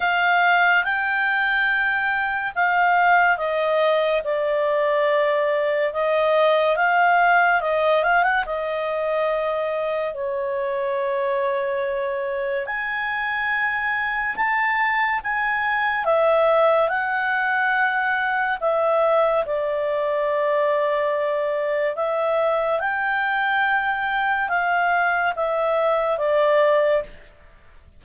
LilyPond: \new Staff \with { instrumentName = "clarinet" } { \time 4/4 \tempo 4 = 71 f''4 g''2 f''4 | dis''4 d''2 dis''4 | f''4 dis''8 f''16 fis''16 dis''2 | cis''2. gis''4~ |
gis''4 a''4 gis''4 e''4 | fis''2 e''4 d''4~ | d''2 e''4 g''4~ | g''4 f''4 e''4 d''4 | }